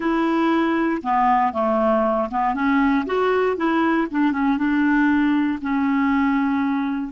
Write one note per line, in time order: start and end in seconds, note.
0.00 1.02 E4
1.02 1.52 B3
1.52 2.29 A3
2.30 2.54 B3
2.54 3.05 C#4
3.06 3.56 F#4
3.56 4.07 E4
4.10 4.32 D4
4.32 4.57 C#4
4.57 5.59 D4
5.61 7.12 C#4